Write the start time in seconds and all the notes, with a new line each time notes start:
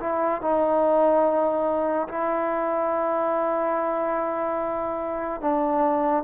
0.00 E4
0.41 D#4
2.08 E4
5.41 D4